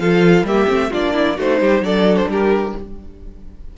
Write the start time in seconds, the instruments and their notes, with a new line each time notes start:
0.00 cello F3, viola F4, violin A4 F5
0.44 cello G3, viola A#3, violin G4 E5
0.68 cello A3, viola C4
0.91 cello A#3, viola D4, violin F4 D5
1.14 violin E4
1.37 cello A3, viola D#4, violin F#4 C5
1.61 cello G3, violin G4
1.81 cello F#3, viola D4, violin A4 D5
2.17 violin C5
2.27 cello G3, violin G4 A#4